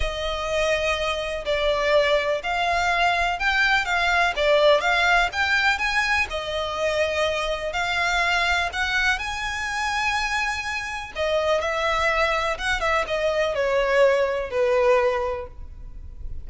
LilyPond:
\new Staff \with { instrumentName = "violin" } { \time 4/4 \tempo 4 = 124 dis''2. d''4~ | d''4 f''2 g''4 | f''4 d''4 f''4 g''4 | gis''4 dis''2. |
f''2 fis''4 gis''4~ | gis''2. dis''4 | e''2 fis''8 e''8 dis''4 | cis''2 b'2 | }